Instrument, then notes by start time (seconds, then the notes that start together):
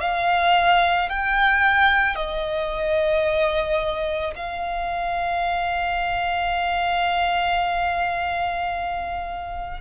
violin
0.00 F5
1.09 G5
2.15 D#5
4.35 F5